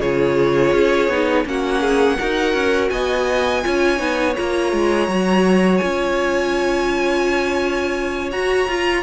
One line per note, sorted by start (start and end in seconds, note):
0.00 0.72 C#3
0.00 1.11 F4
0.00 1.45 G#4
0.00 1.45 C#5
0.73 1.09 C#4
1.09 1.45 B3
1.09 1.45 D#4
1.45 2.18 A#3
1.45 2.17 C#4
1.45 1.81 F#4
1.45 2.90 F#5
1.81 2.17 G#4
2.19 2.54 D#4
2.19 3.64 F#4
2.19 2.92 A#4
2.54 2.91 C#4
2.90 3.64 B3
2.90 3.65 D#5
2.90 4.34 G#5
3.64 3.99 C#4
3.64 3.97 F4
3.64 9.03 C#5
3.97 4.36 B3
3.97 4.33 D#4
4.37 4.73 A#3
4.37 5.09 F4
4.37 5.77 A#5
4.73 5.08 G#3
5.08 5.81 F#3
5.08 5.81 F#4
5.77 8.33 C#4
5.77 8.32 F4
5.77 8.30 G#5
8.32 8.69 F#4
8.32 9.03 A#5
8.69 9.03 F4